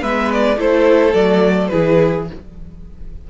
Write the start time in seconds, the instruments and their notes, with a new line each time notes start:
0.00 cello G#3, viola B3, violin B4 E5
0.32 violin D5
0.56 cello A3, viola E4, violin A4 C5
1.13 cello F#3, viola A3, violin D5
1.67 cello E3, viola E4, violin G#4 B4